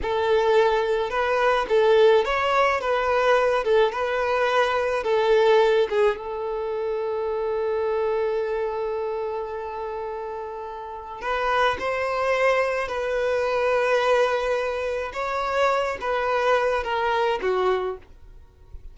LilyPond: \new Staff \with { instrumentName = "violin" } { \time 4/4 \tempo 4 = 107 a'2 b'4 a'4 | cis''4 b'4. a'8 b'4~ | b'4 a'4. gis'8 a'4~ | a'1~ |
a'1 | b'4 c''2 b'4~ | b'2. cis''4~ | cis''8 b'4. ais'4 fis'4 | }